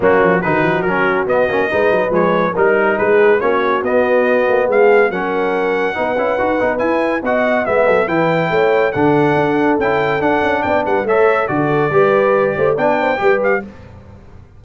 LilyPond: <<
  \new Staff \with { instrumentName = "trumpet" } { \time 4/4 \tempo 4 = 141 fis'4 b'4 ais'4 dis''4~ | dis''4 cis''4 ais'4 b'4 | cis''4 dis''2 f''4 | fis''1 |
gis''4 fis''4 e''4 g''4~ | g''4 fis''2 g''4 | fis''4 g''8 fis''8 e''4 d''4~ | d''2 g''4. f''8 | }
  \new Staff \with { instrumentName = "horn" } { \time 4/4 cis'4 fis'2. | b'2 ais'4 gis'4 | fis'2. gis'4 | ais'2 b'2~ |
b'4 dis''4 e''8 a'8 b'4 | cis''4 a'2.~ | a'4 d''8 b'8 cis''4 a'4 | b'4. c''8 d''8 c''8 b'4 | }
  \new Staff \with { instrumentName = "trombone" } { \time 4/4 ais4 dis'4 cis'4 b8 cis'8 | dis'4 gis4 dis'2 | cis'4 b2. | cis'2 dis'8 e'8 fis'8 dis'8 |
e'4 fis'4 b4 e'4~ | e'4 d'2 e'4 | d'2 a'4 fis'4 | g'2 d'4 g'4 | }
  \new Staff \with { instrumentName = "tuba" } { \time 4/4 fis8 f8 dis8 f8 fis4 b8 ais8 | gis8 fis8 f4 g4 gis4 | ais4 b4. ais8 gis4 | fis2 b8 cis'8 dis'8 b8 |
e'4 b4 gis8 fis8 e4 | a4 d4 d'4 cis'4 | d'8 cis'8 b8 g8 a4 d4 | g4. a8 b4 g4 | }
>>